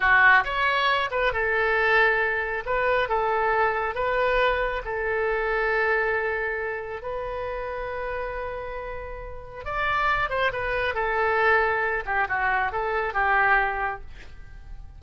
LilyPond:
\new Staff \with { instrumentName = "oboe" } { \time 4/4 \tempo 4 = 137 fis'4 cis''4. b'8 a'4~ | a'2 b'4 a'4~ | a'4 b'2 a'4~ | a'1 |
b'1~ | b'2 d''4. c''8 | b'4 a'2~ a'8 g'8 | fis'4 a'4 g'2 | }